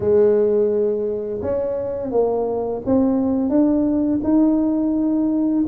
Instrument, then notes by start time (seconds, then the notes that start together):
tuba
0.00 G#3
1.41 C#4
2.11 A#3
2.85 C4
3.49 D4
4.23 D#4